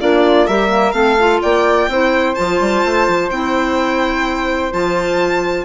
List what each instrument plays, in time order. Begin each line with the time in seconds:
0.00 bassoon A#3, clarinet D4, flute F4, violin D5
0.47 bassoon G3, clarinet G4, flute A#4, violin E5
0.69 clarinet A#3
0.92 bassoon A3, clarinet C4, flute A4, violin F5
1.20 clarinet F4
1.43 bassoon A#3, flute D5, violin G5
1.88 bassoon C4, clarinet E4, flute C5
2.35 bassoon F3, clarinet F4, violin A5
2.60 bassoon G3
2.86 bassoon A3
3.08 bassoon F3
3.31 bassoon C4, clarinet E4, violin G5
4.72 bassoon F3, clarinet F4, violin A5